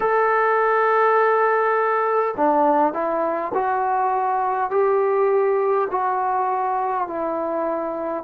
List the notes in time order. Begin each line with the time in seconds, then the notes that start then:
0.00 A4
2.36 D4
2.93 E4
3.53 F#4
4.70 G4
5.90 F#4
7.07 E4